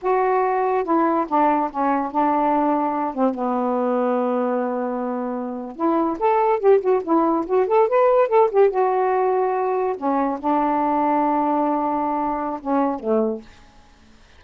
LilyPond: \new Staff \with { instrumentName = "saxophone" } { \time 4/4 \tempo 4 = 143 fis'2 e'4 d'4 | cis'4 d'2~ d'8 c'8 | b1~ | b4.~ b16 e'4 a'4 g'16~ |
g'16 fis'8 e'4 fis'8 a'8 b'4 a'16~ | a'16 g'8 fis'2. cis'16~ | cis'8. d'2.~ d'16~ | d'2 cis'4 a4 | }